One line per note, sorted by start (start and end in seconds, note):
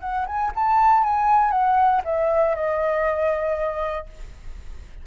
0.00 0.25 F#5
0.26 0.51 G#5
0.55 1.03 A5
1.03 1.51 G#5
1.51 2.01 F#5
2.04 2.55 E5
2.55 4.06 D#5